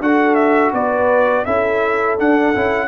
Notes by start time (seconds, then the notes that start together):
0.00 D4 F#4 A4 F#5
0.34 E5
0.73 B3 B4 D5
1.45 C#4 E4 A4 E5
2.18 D4 F#5
2.54 C#4 E4